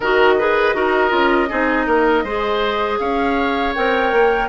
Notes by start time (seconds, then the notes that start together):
0.00 D#3 F#4 A#4 D#5
0.38 G#4 B4
0.74 D#4 F#4 A#4
1.09 C#4 F4
1.49 C4 D#4 G#4
1.86 A#3 A#4
2.23 G#3 G#4 C5
2.99 C#4 C#5 F5
3.74 C4 A#4 G5
4.12 A#3